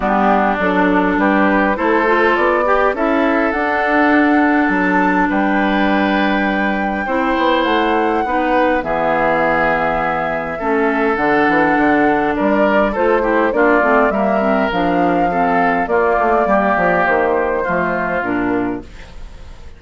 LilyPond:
<<
  \new Staff \with { instrumentName = "flute" } { \time 4/4 \tempo 4 = 102 g'4 a'4 b'4 c''4 | d''4 e''4 fis''2 | a''4 g''2.~ | g''4 fis''2 e''4~ |
e''2. fis''4~ | fis''4 d''4 c''4 d''4 | e''4 f''2 d''4~ | d''4 c''2 ais'4 | }
  \new Staff \with { instrumentName = "oboe" } { \time 4/4 d'2 g'4 a'4~ | a'8 g'8 a'2.~ | a'4 b'2. | c''2 b'4 gis'4~ |
gis'2 a'2~ | a'4 ais'4 a'8 g'8 f'4 | ais'2 a'4 f'4 | g'2 f'2 | }
  \new Staff \with { instrumentName = "clarinet" } { \time 4/4 b4 d'2 e'8 f'8~ | f'8 g'8 e'4 d'2~ | d'1 | e'2 dis'4 b4~ |
b2 cis'4 d'4~ | d'2 f'8 e'8 d'8 c'8 | ais8 c'8 d'4 c'4 ais4~ | ais2 a4 d'4 | }
  \new Staff \with { instrumentName = "bassoon" } { \time 4/4 g4 fis4 g4 a4 | b4 cis'4 d'2 | fis4 g2. | c'8 b8 a4 b4 e4~ |
e2 a4 d8 e8 | d4 g4 a4 ais8 a8 | g4 f2 ais8 a8 | g8 f8 dis4 f4 ais,4 | }
>>